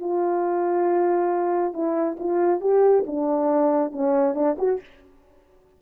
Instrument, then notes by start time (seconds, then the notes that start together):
horn
0.00 F4
1.73 E4
2.19 F4
2.61 G4
3.07 D4
3.92 C#4
4.35 D4
4.58 F#4